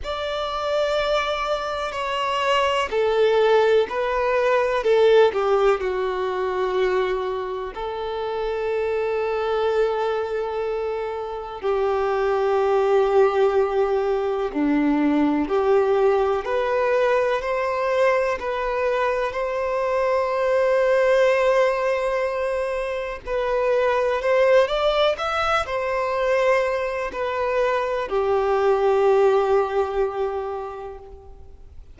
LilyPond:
\new Staff \with { instrumentName = "violin" } { \time 4/4 \tempo 4 = 62 d''2 cis''4 a'4 | b'4 a'8 g'8 fis'2 | a'1 | g'2. d'4 |
g'4 b'4 c''4 b'4 | c''1 | b'4 c''8 d''8 e''8 c''4. | b'4 g'2. | }